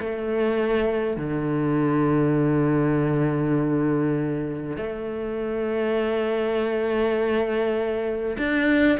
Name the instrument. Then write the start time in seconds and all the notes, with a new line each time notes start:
cello
0.00 A3
1.17 D3
4.77 A3
8.39 D4